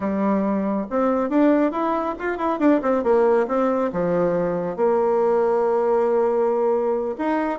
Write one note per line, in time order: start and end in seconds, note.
0.00 0.87 G3
0.90 1.29 C4
1.29 1.71 D4
1.71 2.14 E4
2.18 2.37 F4
2.37 2.59 E4
2.59 2.80 D4
2.82 3.03 C4
3.03 3.47 A#3
3.47 3.91 C4
3.92 4.76 F3
4.76 7.15 A#3
7.18 7.59 D#4